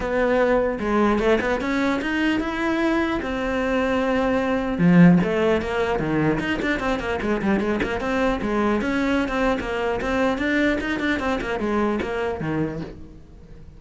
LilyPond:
\new Staff \with { instrumentName = "cello" } { \time 4/4 \tempo 4 = 150 b2 gis4 a8 b8 | cis'4 dis'4 e'2 | c'1 | f4 a4 ais4 dis4 |
dis'8 d'8 c'8 ais8 gis8 g8 gis8 ais8 | c'4 gis4 cis'4~ cis'16 c'8. | ais4 c'4 d'4 dis'8 d'8 | c'8 ais8 gis4 ais4 dis4 | }